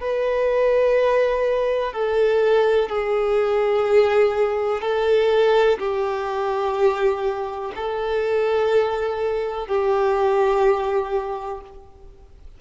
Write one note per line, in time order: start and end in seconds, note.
0.00 1.93 B4
1.93 2.89 A4
2.89 4.81 G#4
4.81 5.78 A4
5.78 7.72 G4
7.76 9.67 A4
9.67 11.61 G4